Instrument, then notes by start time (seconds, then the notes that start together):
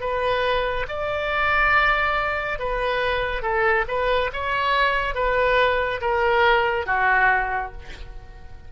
oboe
0.00 B4
0.88 D5
2.58 B4
3.42 A4
3.87 B4
4.33 C#5
5.14 B4
6.00 A#4
6.86 F#4